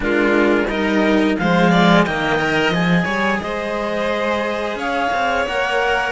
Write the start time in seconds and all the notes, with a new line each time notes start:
0.00 G#3 D4 F4 A#4
0.67 G3 D#4 A#4 D#5
1.37 F3 G#3 C5 F5
1.70 D5
2.04 D#3 A#3 D#5 G5
2.39 A#4
2.69 F3 G#4 G#5
3.04 G3 C#5
3.40 G#3 C5 D#5
4.74 C#4 C#5 F5
5.13 C4
5.45 A#3 A#4 F#5